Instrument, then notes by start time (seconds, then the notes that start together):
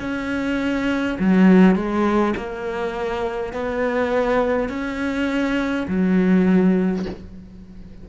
cello
0.00 C#4
1.19 F#3
1.75 G#3
2.36 A#3
3.53 B3
4.69 C#4
5.88 F#3